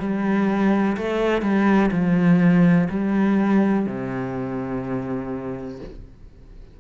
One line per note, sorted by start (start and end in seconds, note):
0.00 0.97 G3
0.97 1.42 A3
1.42 1.90 G3
1.92 2.89 F3
2.90 3.87 G3
3.87 5.80 C3